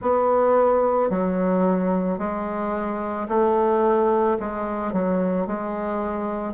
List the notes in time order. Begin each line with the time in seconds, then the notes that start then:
0.01 B3
1.10 F#3
2.18 G#3
3.28 A3
4.39 G#3
4.92 F#3
5.46 G#3